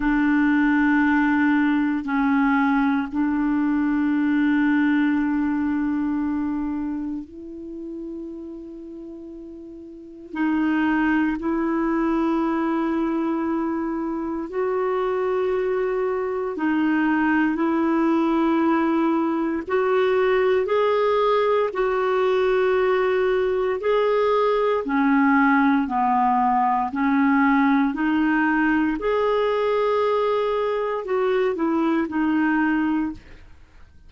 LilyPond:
\new Staff \with { instrumentName = "clarinet" } { \time 4/4 \tempo 4 = 58 d'2 cis'4 d'4~ | d'2. e'4~ | e'2 dis'4 e'4~ | e'2 fis'2 |
dis'4 e'2 fis'4 | gis'4 fis'2 gis'4 | cis'4 b4 cis'4 dis'4 | gis'2 fis'8 e'8 dis'4 | }